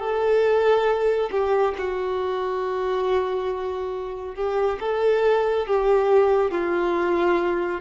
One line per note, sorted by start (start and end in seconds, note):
0.00 1.30 A4
1.31 1.75 G4
1.78 4.36 F#4
4.36 4.79 G4
4.80 5.67 A4
5.67 6.51 G4
6.51 7.81 F4